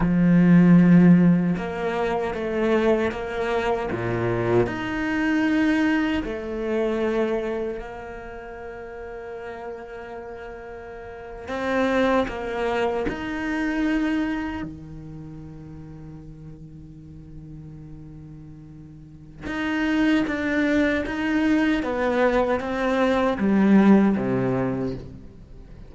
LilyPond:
\new Staff \with { instrumentName = "cello" } { \time 4/4 \tempo 4 = 77 f2 ais4 a4 | ais4 ais,4 dis'2 | a2 ais2~ | ais2~ ais8. c'4 ais16~ |
ais8. dis'2 dis4~ dis16~ | dis1~ | dis4 dis'4 d'4 dis'4 | b4 c'4 g4 c4 | }